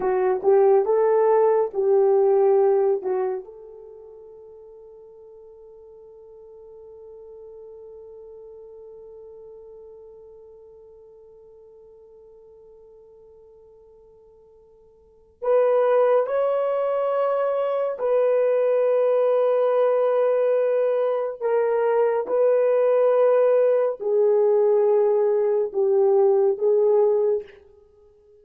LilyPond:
\new Staff \with { instrumentName = "horn" } { \time 4/4 \tempo 4 = 70 fis'8 g'8 a'4 g'4. fis'8 | a'1~ | a'1~ | a'1~ |
a'2 b'4 cis''4~ | cis''4 b'2.~ | b'4 ais'4 b'2 | gis'2 g'4 gis'4 | }